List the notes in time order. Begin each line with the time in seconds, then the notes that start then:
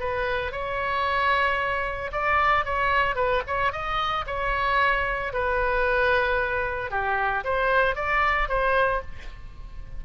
0.00 B4
0.52 C#5
2.12 D5
2.65 C#5
3.15 B4
3.47 C#5
3.72 D#5
4.27 C#5
5.33 B4
6.91 G4
7.44 C5
7.95 D5
8.49 C5